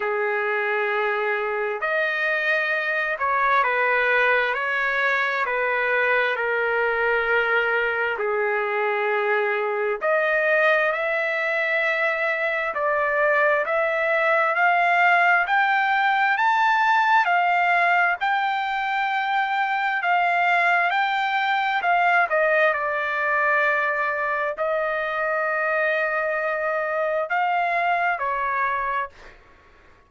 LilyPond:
\new Staff \with { instrumentName = "trumpet" } { \time 4/4 \tempo 4 = 66 gis'2 dis''4. cis''8 | b'4 cis''4 b'4 ais'4~ | ais'4 gis'2 dis''4 | e''2 d''4 e''4 |
f''4 g''4 a''4 f''4 | g''2 f''4 g''4 | f''8 dis''8 d''2 dis''4~ | dis''2 f''4 cis''4 | }